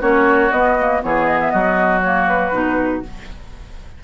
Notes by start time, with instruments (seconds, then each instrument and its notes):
0.00 bassoon A#3, clarinet C#4, oboe F#4, flute C#5
0.51 clarinet B3, bassoon B3, flute D#5
0.79 clarinet A#3
1.02 bassoon E3, clarinet B3, oboe G#4, flute C#5
1.26 flute D#5
1.41 flute E5
1.50 bassoon F#3, oboe F#4, flute D#5
2.01 clarinet A#3, flute C#5
2.28 flute B4
2.52 bassoon B2, clarinet D#4